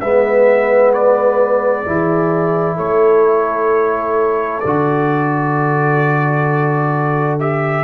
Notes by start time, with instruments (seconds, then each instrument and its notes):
0.00 tuba G#3, trombone B3, horn B4, trumpet E5
0.93 trumpet D5
1.85 tuba E3, trombone E4, horn G#4
2.76 tuba A3, horn A4, trumpet C#5
4.60 tuba D3, trombone F#4, trumpet D5
7.39 trombone G4, trumpet E5